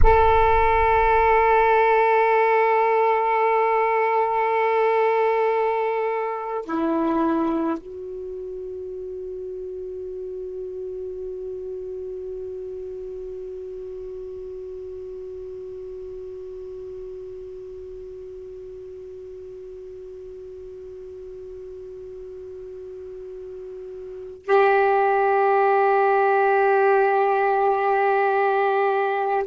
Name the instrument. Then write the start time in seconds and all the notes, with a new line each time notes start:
saxophone
0.03 A4
6.65 E4
7.79 F#4
24.45 G4